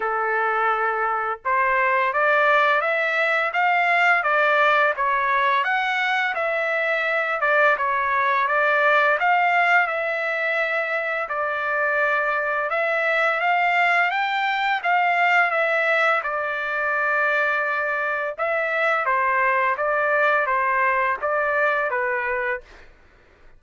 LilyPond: \new Staff \with { instrumentName = "trumpet" } { \time 4/4 \tempo 4 = 85 a'2 c''4 d''4 | e''4 f''4 d''4 cis''4 | fis''4 e''4. d''8 cis''4 | d''4 f''4 e''2 |
d''2 e''4 f''4 | g''4 f''4 e''4 d''4~ | d''2 e''4 c''4 | d''4 c''4 d''4 b'4 | }